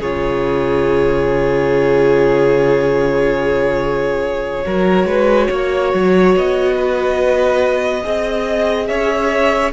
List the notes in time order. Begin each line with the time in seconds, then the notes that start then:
0.00 C#3 F4 G#4 C#5
4.64 F#3 F#4 A#4
5.05 G#3 B4
5.48 A#3 C#5
5.94 F#3
6.36 B3 D#5
6.77 B4
8.03 C4 G#4 D#5
8.87 C#4 C#5 E5